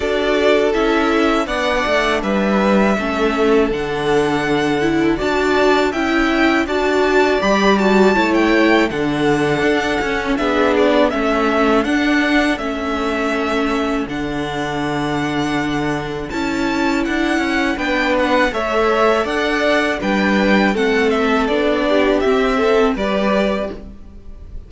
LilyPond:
<<
  \new Staff \with { instrumentName = "violin" } { \time 4/4 \tempo 4 = 81 d''4 e''4 fis''4 e''4~ | e''4 fis''2 a''4 | g''4 a''4 b''8 a''8. g''8. | fis''2 e''8 d''8 e''4 |
fis''4 e''2 fis''4~ | fis''2 a''4 fis''4 | g''8 fis''8 e''4 fis''4 g''4 | fis''8 e''8 d''4 e''4 d''4 | }
  \new Staff \with { instrumentName = "violin" } { \time 4/4 a'2 d''4 b'4 | a'2. d''4 | e''4 d''2 cis''4 | a'2 gis'4 a'4~ |
a'1~ | a'1 | b'4 cis''4 d''4 b'4 | a'4. g'4 a'8 b'4 | }
  \new Staff \with { instrumentName = "viola" } { \time 4/4 fis'4 e'4 d'2 | cis'4 d'4. e'8 fis'4 | e'4 fis'4 g'8 fis'8 e'4 | d'4. cis'8 d'4 cis'4 |
d'4 cis'2 d'4~ | d'2 e'2 | d'4 a'2 d'4 | c'4 d'4 c'4 g'4 | }
  \new Staff \with { instrumentName = "cello" } { \time 4/4 d'4 cis'4 b8 a8 g4 | a4 d2 d'4 | cis'4 d'4 g4 a4 | d4 d'8 cis'8 b4 a4 |
d'4 a2 d4~ | d2 cis'4 d'8 cis'8 | b4 a4 d'4 g4 | a4 b4 c'4 g4 | }
>>